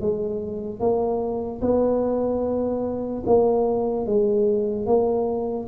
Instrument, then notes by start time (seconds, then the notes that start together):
tuba
0.00 G#3
0.79 A#3
1.61 B3
3.25 A#3
4.06 G#3
4.86 A#3